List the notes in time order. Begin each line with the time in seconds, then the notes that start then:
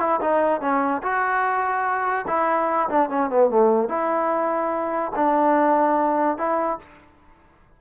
0.00 E4
0.21 D#4
0.61 C#4
1.03 F#4
2.28 E4
2.90 D4
3.10 C#4
3.31 B3
3.50 A3
3.89 E4
5.16 D4
6.38 E4